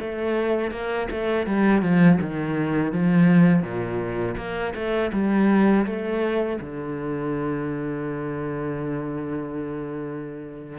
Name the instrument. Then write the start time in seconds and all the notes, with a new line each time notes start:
cello
0.00 A3
0.72 A#3
1.11 A3
1.47 G3
1.82 F3
2.22 D#3
2.93 F3
3.63 A#2
4.37 A#3
4.75 A3
5.13 G3
5.86 A3
6.62 D3